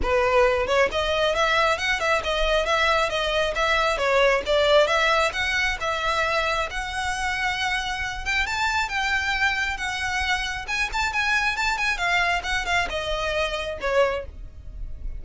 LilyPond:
\new Staff \with { instrumentName = "violin" } { \time 4/4 \tempo 4 = 135 b'4. cis''8 dis''4 e''4 | fis''8 e''8 dis''4 e''4 dis''4 | e''4 cis''4 d''4 e''4 | fis''4 e''2 fis''4~ |
fis''2~ fis''8 g''8 a''4 | g''2 fis''2 | gis''8 a''8 gis''4 a''8 gis''8 f''4 | fis''8 f''8 dis''2 cis''4 | }